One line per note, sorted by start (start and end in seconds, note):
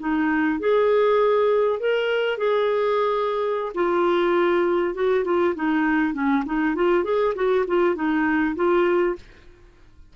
0.00 0.60 D#4
0.60 1.80 G#4
1.80 2.38 A#4
2.38 3.73 G#4
3.75 4.95 F4
4.95 5.25 F#4
5.25 5.55 F4
5.56 6.14 D#4
6.14 6.44 C#4
6.46 6.76 D#4
6.76 7.04 F4
7.04 7.34 G#4
7.36 7.66 F#4
7.68 7.96 F4
7.96 8.56 D#4
8.56 9.16 F4